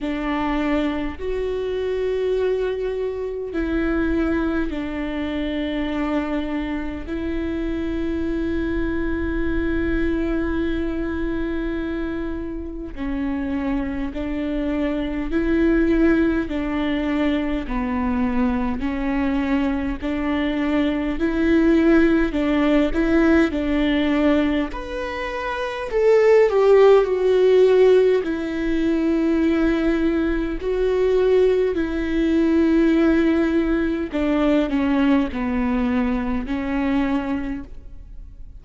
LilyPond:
\new Staff \with { instrumentName = "viola" } { \time 4/4 \tempo 4 = 51 d'4 fis'2 e'4 | d'2 e'2~ | e'2. cis'4 | d'4 e'4 d'4 b4 |
cis'4 d'4 e'4 d'8 e'8 | d'4 b'4 a'8 g'8 fis'4 | e'2 fis'4 e'4~ | e'4 d'8 cis'8 b4 cis'4 | }